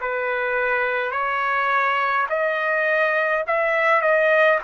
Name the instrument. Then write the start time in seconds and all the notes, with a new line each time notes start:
trumpet
0.00 B4
1.11 C#5
2.29 D#5
3.47 E5
4.01 D#5